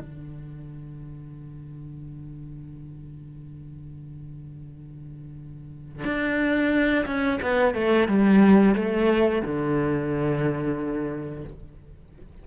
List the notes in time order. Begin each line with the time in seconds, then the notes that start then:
0.00 D3
6.05 D4
7.06 C#4
7.42 B3
7.74 A3
8.08 G3
8.75 A3
9.43 D3